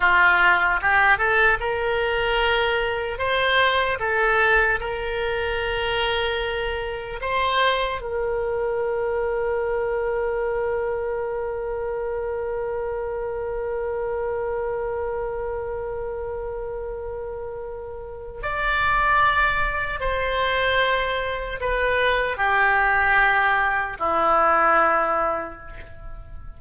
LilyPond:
\new Staff \with { instrumentName = "oboe" } { \time 4/4 \tempo 4 = 75 f'4 g'8 a'8 ais'2 | c''4 a'4 ais'2~ | ais'4 c''4 ais'2~ | ais'1~ |
ais'1~ | ais'2. d''4~ | d''4 c''2 b'4 | g'2 e'2 | }